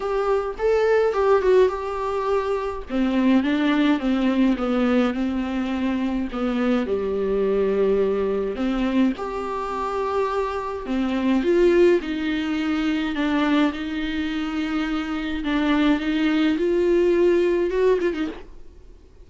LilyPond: \new Staff \with { instrumentName = "viola" } { \time 4/4 \tempo 4 = 105 g'4 a'4 g'8 fis'8 g'4~ | g'4 c'4 d'4 c'4 | b4 c'2 b4 | g2. c'4 |
g'2. c'4 | f'4 dis'2 d'4 | dis'2. d'4 | dis'4 f'2 fis'8 f'16 dis'16 | }